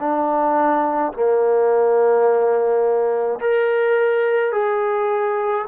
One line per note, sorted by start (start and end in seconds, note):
0.00 1.13 D4
1.14 3.40 A#3
3.40 4.52 A#4
4.52 5.66 G#4